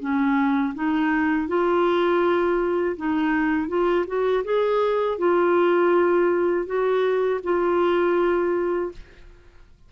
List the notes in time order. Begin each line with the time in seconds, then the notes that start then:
0.00 C#4
0.75 D#4
1.48 F4
2.97 D#4
3.69 F4
4.07 F#4
4.45 G#4
5.19 F4
6.67 F#4
7.44 F4